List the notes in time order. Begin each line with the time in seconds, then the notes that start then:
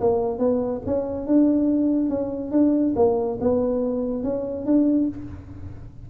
0.00 A#3
0.39 B3
0.86 C#4
1.26 D4
2.09 C#4
2.51 D4
2.96 A#3
3.40 B3
4.23 C#4
4.66 D4